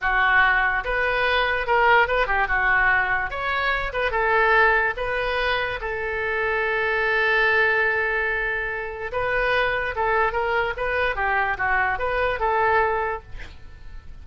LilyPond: \new Staff \with { instrumentName = "oboe" } { \time 4/4 \tempo 4 = 145 fis'2 b'2 | ais'4 b'8 g'8 fis'2 | cis''4. b'8 a'2 | b'2 a'2~ |
a'1~ | a'2 b'2 | a'4 ais'4 b'4 g'4 | fis'4 b'4 a'2 | }